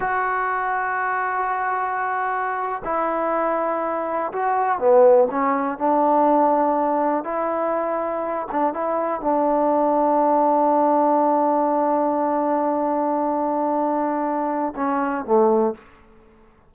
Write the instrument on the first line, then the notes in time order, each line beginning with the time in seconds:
trombone
0.00 F#4
2.84 E4
4.32 F#4
4.79 B3
5.30 C#4
5.78 D4
7.24 E4
8.51 D4
8.73 E4
9.21 D4
14.76 C#4
15.25 A3